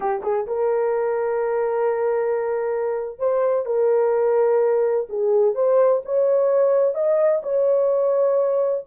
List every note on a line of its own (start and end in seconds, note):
0.00 0.21 G4
0.23 0.46 G#4
0.47 3.18 A#4
3.18 3.65 C5
3.65 5.07 A#4
5.09 5.54 G#4
5.54 6.02 C5
6.05 6.94 C#5
6.94 7.41 D#5
7.42 8.84 C#5